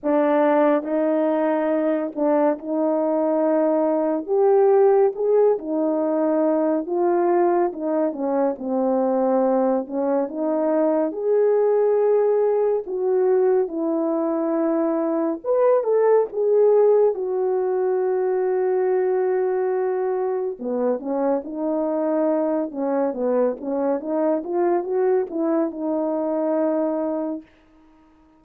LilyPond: \new Staff \with { instrumentName = "horn" } { \time 4/4 \tempo 4 = 70 d'4 dis'4. d'8 dis'4~ | dis'4 g'4 gis'8 dis'4. | f'4 dis'8 cis'8 c'4. cis'8 | dis'4 gis'2 fis'4 |
e'2 b'8 a'8 gis'4 | fis'1 | b8 cis'8 dis'4. cis'8 b8 cis'8 | dis'8 f'8 fis'8 e'8 dis'2 | }